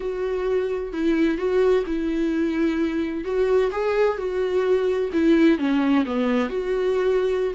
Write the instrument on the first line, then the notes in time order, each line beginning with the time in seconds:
viola
0.00 F#4
0.92 E4
1.37 F#4
1.86 E4
3.24 F#4
3.71 G#4
4.17 F#4
5.12 E4
5.58 C#4
6.05 B3
6.49 F#4